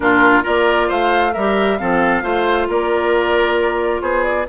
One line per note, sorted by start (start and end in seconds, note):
0.00 0.44 A#2
0.00 0.42 D4
0.00 0.43 F4
0.00 0.44 A#4
0.42 0.91 A#3
0.42 1.32 F4
0.42 0.87 A#4
0.42 0.90 D5
0.87 1.35 A3
0.87 1.32 C5
0.87 1.33 F5
1.33 1.80 G3
1.33 1.78 G4
1.33 1.78 A#4
1.33 1.78 E5
1.78 2.23 F3
1.78 2.22 C4
1.78 2.23 A4
1.78 2.67 F5
2.22 2.67 A3
2.22 4.46 F4
2.22 2.68 C5
2.68 4.01 A#3
2.68 4.02 A#4
2.68 4.01 D5
4.01 4.45 B3
4.01 4.47 G#4
4.01 4.23 C5
4.23 4.46 D5